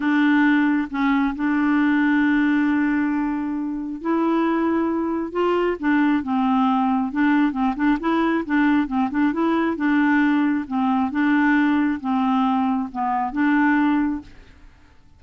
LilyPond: \new Staff \with { instrumentName = "clarinet" } { \time 4/4 \tempo 4 = 135 d'2 cis'4 d'4~ | d'1~ | d'4 e'2. | f'4 d'4 c'2 |
d'4 c'8 d'8 e'4 d'4 | c'8 d'8 e'4 d'2 | c'4 d'2 c'4~ | c'4 b4 d'2 | }